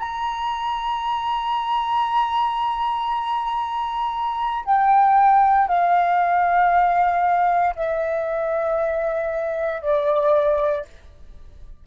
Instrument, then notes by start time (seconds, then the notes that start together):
flute
0.00 A#5
4.66 G5
5.68 F5
7.76 E5
9.82 D5